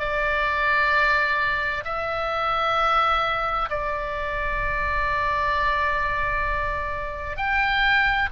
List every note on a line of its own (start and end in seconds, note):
0.00 1.85 D5
1.85 3.70 E5
3.70 7.37 D5
7.37 8.30 G5